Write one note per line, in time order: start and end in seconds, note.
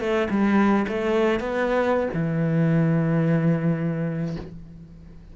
0.00 0.28 A3
0.30 0.86 G3
0.88 1.40 A3
1.40 2.09 B3
2.14 4.36 E3